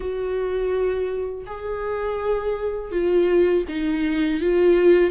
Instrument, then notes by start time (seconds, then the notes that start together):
viola
0.00 F#4
1.46 G#4
2.91 F4
3.68 D#4
4.40 F4